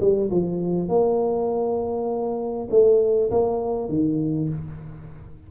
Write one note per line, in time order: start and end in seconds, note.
0.00 0.30 G3
0.30 0.88 F3
0.88 2.68 A#3
2.70 3.30 A3
3.31 3.88 A#3
3.88 4.48 D#3